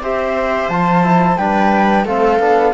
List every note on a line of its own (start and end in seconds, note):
0.00 0.68 C4
0.00 0.70 G4
0.00 1.39 C5
0.00 0.69 E5
0.68 1.37 F3
0.68 1.03 F4
0.68 1.37 A5
1.03 1.37 E4
1.37 2.05 G3
1.37 2.06 D4
1.37 2.05 B4
1.37 2.05 G5
2.05 2.39 A3
2.05 2.40 C4
2.05 2.73 A4
2.05 2.73 F5
2.39 2.73 B3
2.39 2.73 D4